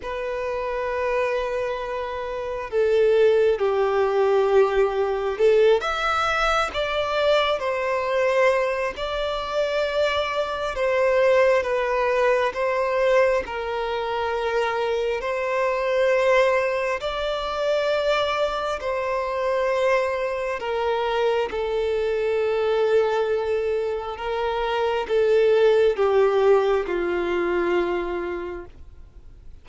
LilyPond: \new Staff \with { instrumentName = "violin" } { \time 4/4 \tempo 4 = 67 b'2. a'4 | g'2 a'8 e''4 d''8~ | d''8 c''4. d''2 | c''4 b'4 c''4 ais'4~ |
ais'4 c''2 d''4~ | d''4 c''2 ais'4 | a'2. ais'4 | a'4 g'4 f'2 | }